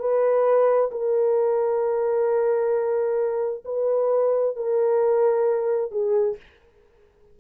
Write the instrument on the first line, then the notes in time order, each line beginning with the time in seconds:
horn
0.00 B4
0.92 A#4
3.65 B4
4.57 A#4
5.92 G#4